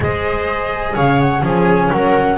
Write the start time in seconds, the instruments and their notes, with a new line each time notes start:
0.00 double bass G#3, cello G#4, viola C5, flute D#5
0.95 double bass C#3, viola C#5, flute F5
1.20 flute F#5
1.42 double bass F3, cello C#4, viola G#4, flute G#5
1.91 double bass F#3, viola A#4, flute F#5